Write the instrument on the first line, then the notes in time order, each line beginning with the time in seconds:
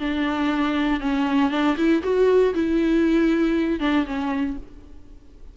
viola
0.00 D4
1.00 C#4
1.51 D4
1.77 E4
2.03 F#4
2.54 E4
3.80 D4
4.06 C#4